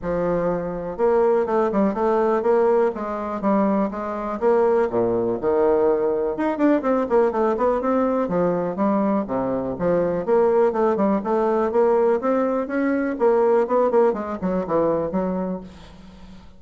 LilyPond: \new Staff \with { instrumentName = "bassoon" } { \time 4/4 \tempo 4 = 123 f2 ais4 a8 g8 | a4 ais4 gis4 g4 | gis4 ais4 ais,4 dis4~ | dis4 dis'8 d'8 c'8 ais8 a8 b8 |
c'4 f4 g4 c4 | f4 ais4 a8 g8 a4 | ais4 c'4 cis'4 ais4 | b8 ais8 gis8 fis8 e4 fis4 | }